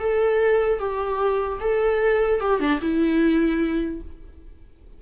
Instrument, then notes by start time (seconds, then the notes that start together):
viola
0.00 A4
0.80 G4
1.61 A4
2.41 G4
2.61 D4
2.82 E4